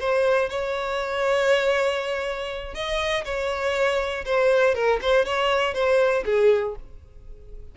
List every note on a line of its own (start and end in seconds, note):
0.00 0.49 C5
0.49 2.74 C#5
2.74 3.24 D#5
3.25 4.25 C#5
4.25 4.75 C5
4.75 5.00 A#4
5.01 5.25 C5
5.25 5.74 C#5
5.74 6.24 C5
6.25 6.75 G#4